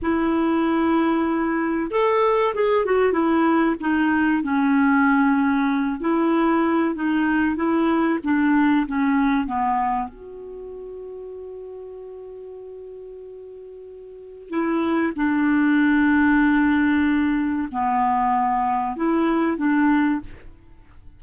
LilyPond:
\new Staff \with { instrumentName = "clarinet" } { \time 4/4 \tempo 4 = 95 e'2. a'4 | gis'8 fis'8 e'4 dis'4 cis'4~ | cis'4. e'4. dis'4 | e'4 d'4 cis'4 b4 |
fis'1~ | fis'2. e'4 | d'1 | b2 e'4 d'4 | }